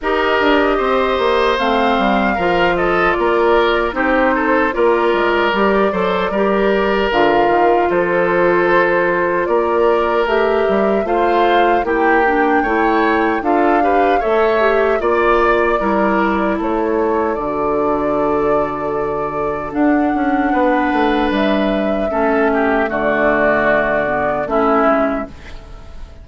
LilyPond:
<<
  \new Staff \with { instrumentName = "flute" } { \time 4/4 \tempo 4 = 76 dis''2 f''4. dis''8 | d''4 c''4 d''2~ | d''4 f''4 c''2 | d''4 e''4 f''4 g''4~ |
g''4 f''4 e''4 d''4~ | d''4 cis''4 d''2~ | d''4 fis''2 e''4~ | e''4 d''2 e''4 | }
  \new Staff \with { instrumentName = "oboe" } { \time 4/4 ais'4 c''2 ais'8 a'8 | ais'4 g'8 a'8 ais'4. c''8 | ais'2 a'2 | ais'2 c''4 g'4 |
cis''4 a'8 b'8 cis''4 d''4 | ais'4 a'2.~ | a'2 b'2 | a'8 g'8 fis'2 e'4 | }
  \new Staff \with { instrumentName = "clarinet" } { \time 4/4 g'2 c'4 f'4~ | f'4 dis'4 f'4 g'8 a'8 | g'4 f'2.~ | f'4 g'4 f'4 e'8 d'8 |
e'4 f'8 g'8 a'8 g'8 f'4 | e'2 fis'2~ | fis'4 d'2. | cis'4 a4. b8 cis'4 | }
  \new Staff \with { instrumentName = "bassoon" } { \time 4/4 dis'8 d'8 c'8 ais8 a8 g8 f4 | ais4 c'4 ais8 gis8 g8 fis8 | g4 d8 dis8 f2 | ais4 a8 g8 a4 ais4 |
a4 d'4 a4 ais4 | g4 a4 d2~ | d4 d'8 cis'8 b8 a8 g4 | a4 d2 a8 gis8 | }
>>